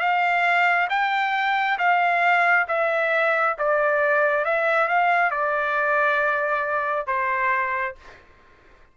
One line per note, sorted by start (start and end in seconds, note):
0.00 0.88 F5
0.90 1.78 G5
1.78 2.67 F5
2.68 3.57 E5
3.59 4.45 D5
4.45 4.88 E5
4.88 5.31 F5
5.31 7.07 D5
7.07 7.95 C5